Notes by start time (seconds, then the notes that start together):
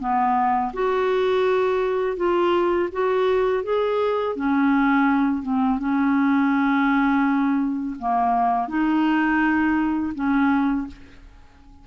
0.00 B3
0.74 F#4
2.17 F4
2.92 F#4
3.64 G#4
4.36 C#4
5.43 C4
5.79 C#4
7.99 A#3
8.68 D#4
10.15 C#4